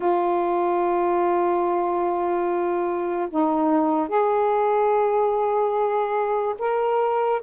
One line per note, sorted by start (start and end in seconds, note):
0.00 3.28 F4
3.30 4.08 D#4
4.08 6.55 G#4
6.59 7.41 A#4